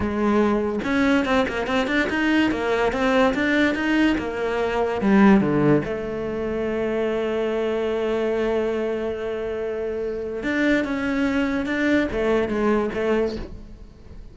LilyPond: \new Staff \with { instrumentName = "cello" } { \time 4/4 \tempo 4 = 144 gis2 cis'4 c'8 ais8 | c'8 d'8 dis'4 ais4 c'4 | d'4 dis'4 ais2 | g4 d4 a2~ |
a1~ | a1~ | a4 d'4 cis'2 | d'4 a4 gis4 a4 | }